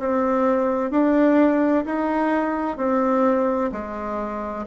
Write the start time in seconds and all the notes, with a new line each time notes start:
0.00 C4
0.91 D4
1.86 D#4
2.78 C4
3.72 G#3